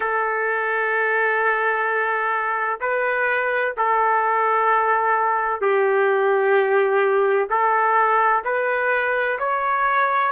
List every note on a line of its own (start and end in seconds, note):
0.00 2.79 A4
2.80 3.74 B4
3.76 5.60 A4
5.60 7.48 G4
7.49 8.43 A4
8.44 9.38 B4
9.38 10.31 C#5